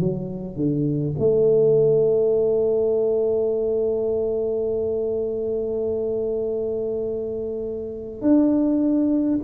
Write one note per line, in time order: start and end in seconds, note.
0.00 0.57 F#3
0.57 1.16 D3
1.19 8.22 A3
8.22 9.40 D4